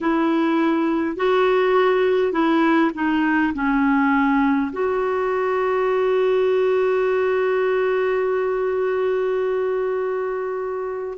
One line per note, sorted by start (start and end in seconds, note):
0.01 1.16 E4
1.16 2.32 F#4
2.32 2.91 E4
2.94 3.53 D#4
3.53 4.71 C#4
4.72 11.18 F#4